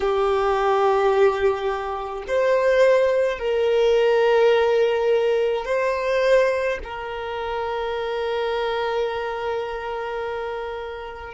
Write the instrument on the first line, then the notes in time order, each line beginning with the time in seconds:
violin
0.00 G4
2.27 C5
3.38 A#4
5.65 C5
6.83 A#4